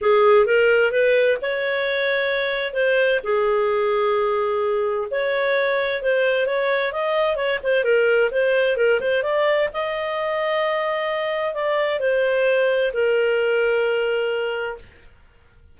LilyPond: \new Staff \with { instrumentName = "clarinet" } { \time 4/4 \tempo 4 = 130 gis'4 ais'4 b'4 cis''4~ | cis''2 c''4 gis'4~ | gis'2. cis''4~ | cis''4 c''4 cis''4 dis''4 |
cis''8 c''8 ais'4 c''4 ais'8 c''8 | d''4 dis''2.~ | dis''4 d''4 c''2 | ais'1 | }